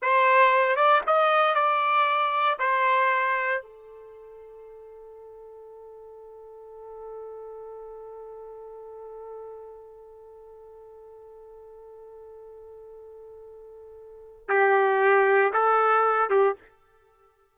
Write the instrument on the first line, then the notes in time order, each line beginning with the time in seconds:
trumpet
0.01 C5
0.75 D5
1.07 D#5
1.54 D5
2.59 C5
3.62 A4
14.48 G4
15.53 A4
16.29 G4